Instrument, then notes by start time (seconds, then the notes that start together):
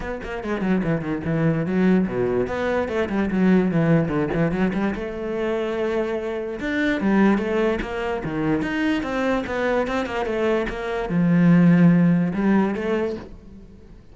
cello
0.00 B3
0.23 A#3
0.43 G#3
0.61 F#3
0.83 E3
1.01 D#3
1.24 E3
1.66 F#3
2.07 B2
2.47 B3
2.88 A3
3.09 G3
3.30 F#3
3.71 E3
4.08 D3
4.33 E3
4.51 F#3
4.73 G3
4.95 A3
6.59 D4
7.00 G3
7.38 A3
7.81 A#3
8.24 D#3
8.62 D#4
9.02 C4
9.46 B3
9.87 C4
10.06 A#3
10.25 A3
10.69 A#3
11.09 F3
12.33 G3
12.75 A3